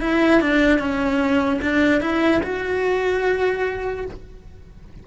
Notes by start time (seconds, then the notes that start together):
0.00 E4
0.41 D4
0.79 C#4
1.61 D4
2.00 E4
2.43 F#4